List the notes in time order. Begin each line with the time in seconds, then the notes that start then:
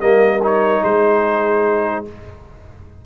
0.00 G3 A#3 A#4 D#5
0.43 D#4 C#5
0.84 G#3 G#4 C5